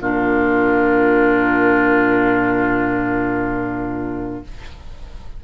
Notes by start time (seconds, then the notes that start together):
0.00 A#2 D4 F4 A#4